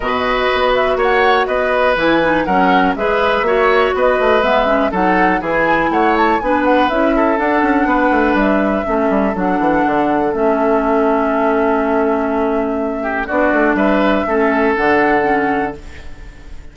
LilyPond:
<<
  \new Staff \with { instrumentName = "flute" } { \time 4/4 \tempo 4 = 122 dis''4. e''8 fis''4 dis''4 | gis''4 fis''4 e''2 | dis''4 e''4 fis''4 gis''4 | fis''8 a''8 gis''8 fis''8 e''4 fis''4~ |
fis''4 e''2 fis''4~ | fis''4 e''2.~ | e''2. d''4 | e''2 fis''2 | }
  \new Staff \with { instrumentName = "oboe" } { \time 4/4 b'2 cis''4 b'4~ | b'4 ais'4 b'4 cis''4 | b'2 a'4 gis'4 | cis''4 b'4. a'4. |
b'2 a'2~ | a'1~ | a'2~ a'8 g'8 fis'4 | b'4 a'2. | }
  \new Staff \with { instrumentName = "clarinet" } { \time 4/4 fis'1 | e'8 dis'8 cis'4 gis'4 fis'4~ | fis'4 b8 cis'8 dis'4 e'4~ | e'4 d'4 e'4 d'4~ |
d'2 cis'4 d'4~ | d'4 cis'2.~ | cis'2. d'4~ | d'4 cis'4 d'4 cis'4 | }
  \new Staff \with { instrumentName = "bassoon" } { \time 4/4 b,4 b4 ais4 b4 | e4 fis4 gis4 ais4 | b8 a8 gis4 fis4 e4 | a4 b4 cis'4 d'8 cis'8 |
b8 a8 g4 a8 g8 fis8 e8 | d4 a2.~ | a2. b8 a8 | g4 a4 d2 | }
>>